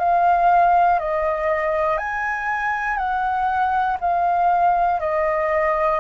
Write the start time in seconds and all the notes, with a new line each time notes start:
0.00 F5
1.00 D#5
1.98 G#5
2.98 F#5
4.01 F5
5.01 D#5